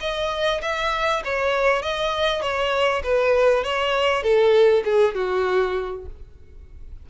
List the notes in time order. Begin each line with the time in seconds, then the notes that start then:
0.00 D#5
0.62 E5
1.24 C#5
1.82 D#5
2.42 C#5
3.03 B4
3.64 C#5
4.23 A4
4.85 G#4
5.15 F#4